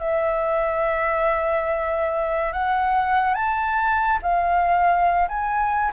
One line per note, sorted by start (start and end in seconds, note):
0.00 2.53 E5
2.53 3.35 F#5
3.35 4.19 A5
4.23 5.28 F5
5.29 5.92 G#5